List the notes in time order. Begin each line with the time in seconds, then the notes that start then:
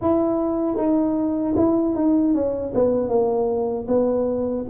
0.01 E4
0.76 D#4
1.56 E4
1.95 D#4
2.34 C#4
2.74 B3
3.09 A#3
3.87 B3